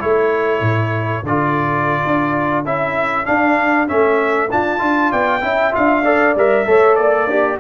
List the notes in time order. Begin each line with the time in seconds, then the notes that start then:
0.00 A3 E4 A4 C#5
0.61 A2
1.23 D3 F4 D5
2.06 D4
2.65 C#4 E4 E5
3.25 D4 F5
3.87 A3 C#4 E5
4.51 D4 F4 A5
4.78 D4 F4
5.10 B3 D5 G5
5.41 C#4 E4 E5
5.72 D4 F4 F5
6.05 A4 D5
6.35 G3 A#4 E5
6.66 A3 A4 C#5
6.95 A#3 D5
7.27 D4 G4